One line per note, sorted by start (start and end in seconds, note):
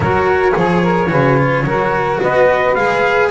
0.00 0.53 F#3
0.00 0.51 F#4
0.00 0.55 A#4
0.00 2.19 C#5
0.51 1.11 F3
0.51 1.07 G#4
0.51 0.82 G#4
0.82 1.09 A#4
1.08 1.63 C#3
1.08 1.36 F#4
1.08 1.65 B4
1.37 1.64 F4
1.63 2.18 F#3
1.63 2.75 F#4
1.63 2.21 A#4
2.21 2.76 B3
2.21 3.30 B4
2.21 2.74 D#5
2.74 3.30 G#3
2.74 3.30 G#4
2.74 3.29 F5